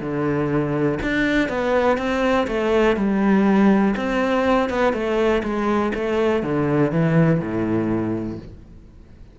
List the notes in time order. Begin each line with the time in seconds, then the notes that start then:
0.00 D3
1.02 D4
1.49 B3
1.97 C4
2.47 A3
2.96 G3
3.96 C4
4.69 B3
4.93 A3
5.43 G#3
5.94 A3
6.42 D3
6.91 E3
7.40 A2